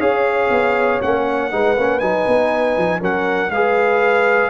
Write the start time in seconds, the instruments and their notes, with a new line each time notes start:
0.00 tuba C#4, trombone G#4, horn C#5, trumpet F5
0.51 tuba B3
1.02 tuba A#3, trombone C#4, trumpet F#5
1.52 tuba G#3, trombone D#4, horn B4
1.77 tuba A#3, trombone C#4
2.00 tuba F#3, trombone D#4, trumpet G#5
2.28 tuba B3
2.78 tuba F3
3.00 tuba F#3, trombone C#4, horn A#4, trumpet F#5
3.50 tuba G#3, trombone G#4, horn B4, trumpet F5